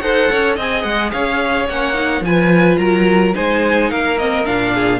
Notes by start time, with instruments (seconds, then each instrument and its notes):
0.00 cello D#4, viola A4, violin C5 F#5
0.30 cello C#4, violin C#5
0.55 cello C4, viola G#4, violin D#5 G#5
0.82 cello G#3, violin F#5
1.11 cello C#4, violin C#5 F5
1.68 cello A#3, viola C#4, violin F#5
1.93 viola D#4
2.20 cello F3, viola F4, violin G#5
2.27 violin B4
2.77 cello F#3, violin A#4 A#5
3.34 cello G#3, viola D#4, violin C5 G#5
3.90 cello A#3, violin A#4 F5
4.18 viola C4, violin D#5
4.44 cello A#2, viola D4, violin F5
4.74 violin G#4